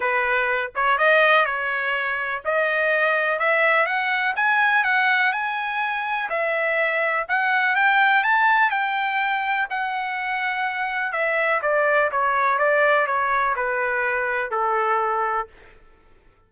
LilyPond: \new Staff \with { instrumentName = "trumpet" } { \time 4/4 \tempo 4 = 124 b'4. cis''8 dis''4 cis''4~ | cis''4 dis''2 e''4 | fis''4 gis''4 fis''4 gis''4~ | gis''4 e''2 fis''4 |
g''4 a''4 g''2 | fis''2. e''4 | d''4 cis''4 d''4 cis''4 | b'2 a'2 | }